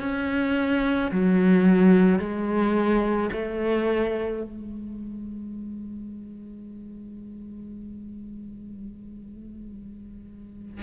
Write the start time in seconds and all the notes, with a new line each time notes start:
0.00 C#4
1.12 F#3
2.19 G#3
3.32 A3
4.43 G#3